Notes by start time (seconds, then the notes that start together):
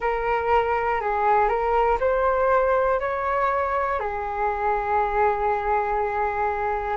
0.00 A#4
1.00 G#4
1.48 A#4
2.00 C5
3.00 C#5
3.99 G#4